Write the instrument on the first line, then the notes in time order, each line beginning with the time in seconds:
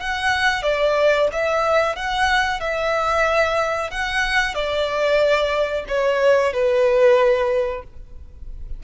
violin
0.00 F#5
0.63 D5
1.32 E5
1.96 F#5
2.60 E5
3.91 F#5
4.55 D5
5.88 C#5
6.53 B4